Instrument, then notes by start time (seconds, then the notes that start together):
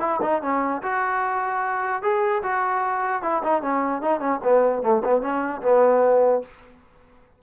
trombone
0.00 E4
0.22 D#4
0.42 C#4
0.82 F#4
2.02 G#4
2.42 F#4
3.22 E4
3.43 D#4
3.62 C#4
4.01 D#4
4.20 C#4
4.43 B3
4.82 A3
5.04 B3
5.21 C#4
5.62 B3